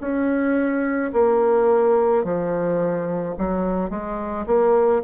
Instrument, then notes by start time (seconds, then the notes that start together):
bassoon
0.00 C#4
1.13 A#3
2.24 F3
3.37 F#3
3.89 G#3
4.46 A#3